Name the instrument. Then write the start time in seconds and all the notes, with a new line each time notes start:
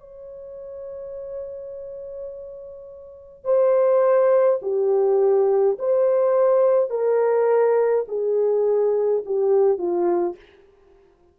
horn
0.00 C#5
3.45 C5
4.63 G4
5.79 C5
6.90 A#4
8.08 G#4
9.26 G4
9.78 F4